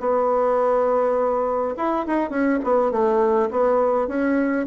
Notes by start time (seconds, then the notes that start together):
0.00 B3
1.77 E4
2.07 D#4
2.30 C#4
2.64 B3
2.92 A3
3.51 B3
4.08 C#4